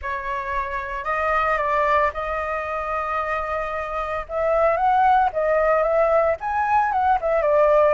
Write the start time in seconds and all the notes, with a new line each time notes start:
0.02 C#5
1.04 D#5
1.57 D5
2.13 D#5
4.28 E5
4.76 F#5
5.32 D#5
5.83 E5
6.40 G#5
6.91 F#5
7.21 E5
7.41 D5